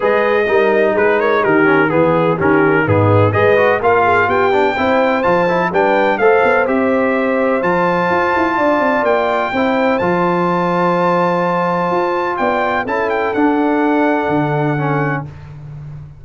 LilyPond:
<<
  \new Staff \with { instrumentName = "trumpet" } { \time 4/4 \tempo 4 = 126 dis''2 b'8 cis''8 ais'4 | gis'4 ais'4 gis'4 dis''4 | f''4 g''2 a''4 | g''4 f''4 e''2 |
a''2. g''4~ | g''4 a''2.~ | a''2 g''4 a''8 g''8 | fis''1 | }
  \new Staff \with { instrumentName = "horn" } { \time 4/4 b'4 ais'4 gis'8 ais'8 g'4 | gis'4 g'4 dis'4 b'4 | ais'8 gis'8 g'4 c''2 | b'4 c''2.~ |
c''2 d''2 | c''1~ | c''2 d''4 a'4~ | a'1 | }
  \new Staff \with { instrumentName = "trombone" } { \time 4/4 gis'4 dis'2~ dis'8 cis'8 | b4 cis'4 b4 gis'8 fis'8 | f'4. d'8 e'4 f'8 e'8 | d'4 a'4 g'2 |
f'1 | e'4 f'2.~ | f'2. e'4 | d'2. cis'4 | }
  \new Staff \with { instrumentName = "tuba" } { \time 4/4 gis4 g4 gis4 dis4 | e4 dis4 gis,4 gis4 | ais4 b4 c'4 f4 | g4 a8 b8 c'2 |
f4 f'8 e'8 d'8 c'8 ais4 | c'4 f2.~ | f4 f'4 b4 cis'4 | d'2 d2 | }
>>